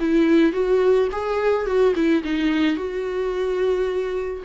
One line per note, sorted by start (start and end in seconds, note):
0.00 0.53 E4
0.53 1.08 F#4
1.12 1.66 G#4
1.66 1.94 F#4
1.95 2.23 E4
2.24 2.76 D#4
2.76 4.43 F#4